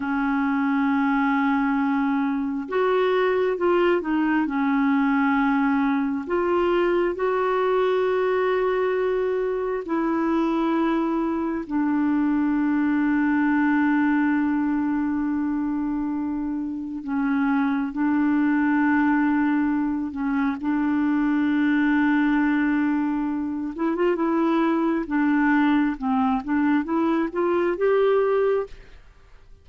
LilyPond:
\new Staff \with { instrumentName = "clarinet" } { \time 4/4 \tempo 4 = 67 cis'2. fis'4 | f'8 dis'8 cis'2 f'4 | fis'2. e'4~ | e'4 d'2.~ |
d'2. cis'4 | d'2~ d'8 cis'8 d'4~ | d'2~ d'8 e'16 f'16 e'4 | d'4 c'8 d'8 e'8 f'8 g'4 | }